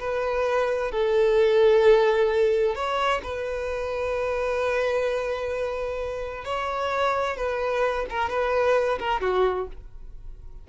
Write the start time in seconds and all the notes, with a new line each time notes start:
0.00 B4
0.92 A4
2.75 C#5
3.23 B4
6.45 C#5
7.37 B4
8.10 A#4
8.30 B4
8.99 A#4
9.21 F#4